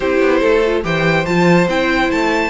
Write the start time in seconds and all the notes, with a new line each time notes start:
0.00 C4 E4 G4 C5
0.20 B3
0.40 A3 A4
0.65 F4
0.83 E3 G4 C5 G5
1.25 F3 F4 A5
1.68 C4 E4 G5
2.10 A3 A5